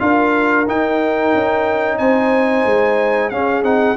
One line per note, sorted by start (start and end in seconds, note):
0.00 0.67 D4
0.00 0.66 F4
0.00 1.99 A#4
0.00 0.66 F5
0.68 1.34 D#4
0.68 3.32 D#4
0.68 1.98 G5
1.34 1.99 C#4
1.98 2.65 C4
1.98 3.31 C5
1.98 3.30 G#5
2.66 3.32 G#3
3.30 3.63 C#4
3.30 3.64 C#4
3.30 3.97 G#4
3.30 3.63 F5
3.63 3.96 C4
3.63 3.97 D#4
3.63 3.97 F#5